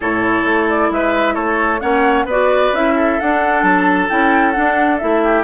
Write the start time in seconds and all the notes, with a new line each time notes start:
0.00 A2 E4 A4 C#5
0.44 A3
0.69 D5
0.90 G#3 B4 E5
1.34 A3 A4 C#5
1.80 A#3 C#4 C#5 F#5
2.25 B3 F#4 B4 D5
2.72 C#4 E4 E5
2.95 A4
3.20 D4 F#5
3.62 F#3 A5
4.09 C#4 E4 G5
4.51 D4 F#5
4.57 D4
4.98 A3 E4 E5
5.23 G4